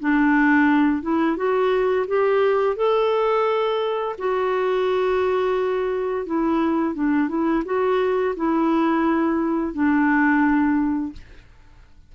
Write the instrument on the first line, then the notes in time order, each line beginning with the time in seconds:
clarinet
0.00 D4
1.02 E4
1.37 F#4
2.07 G4
2.76 A4
4.18 F#4
6.26 E4
6.95 D4
7.29 E4
7.65 F#4
8.36 E4
9.73 D4